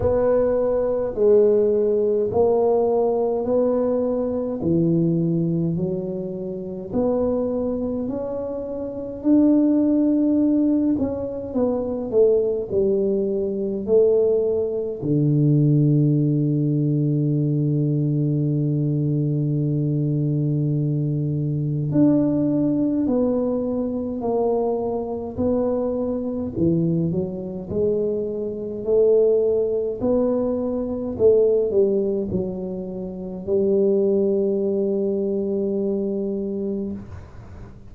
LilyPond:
\new Staff \with { instrumentName = "tuba" } { \time 4/4 \tempo 4 = 52 b4 gis4 ais4 b4 | e4 fis4 b4 cis'4 | d'4. cis'8 b8 a8 g4 | a4 d2.~ |
d2. d'4 | b4 ais4 b4 e8 fis8 | gis4 a4 b4 a8 g8 | fis4 g2. | }